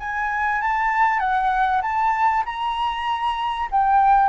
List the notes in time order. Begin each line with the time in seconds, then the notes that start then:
0.00 G#5
0.61 A5
1.19 F#5
1.82 A5
2.45 A#5
3.71 G5